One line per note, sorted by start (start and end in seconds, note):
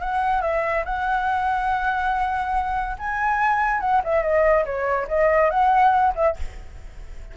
0.00 0.41 F#5
0.41 0.84 E5
0.85 2.96 F#5
2.98 3.80 G#5
3.80 4.01 F#5
4.04 4.22 E5
4.22 4.64 D#5
4.65 5.07 C#5
5.08 5.50 D#5
5.50 6.13 F#5
6.15 6.36 E5